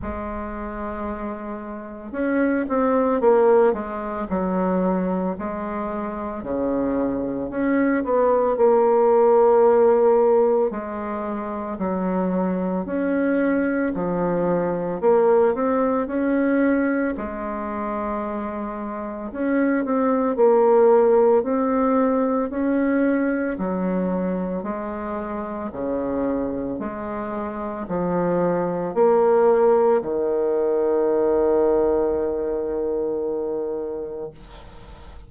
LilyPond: \new Staff \with { instrumentName = "bassoon" } { \time 4/4 \tempo 4 = 56 gis2 cis'8 c'8 ais8 gis8 | fis4 gis4 cis4 cis'8 b8 | ais2 gis4 fis4 | cis'4 f4 ais8 c'8 cis'4 |
gis2 cis'8 c'8 ais4 | c'4 cis'4 fis4 gis4 | cis4 gis4 f4 ais4 | dis1 | }